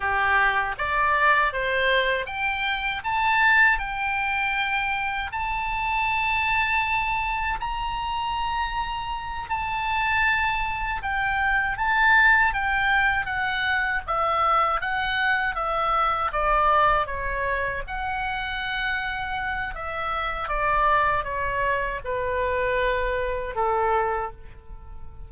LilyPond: \new Staff \with { instrumentName = "oboe" } { \time 4/4 \tempo 4 = 79 g'4 d''4 c''4 g''4 | a''4 g''2 a''4~ | a''2 ais''2~ | ais''8 a''2 g''4 a''8~ |
a''8 g''4 fis''4 e''4 fis''8~ | fis''8 e''4 d''4 cis''4 fis''8~ | fis''2 e''4 d''4 | cis''4 b'2 a'4 | }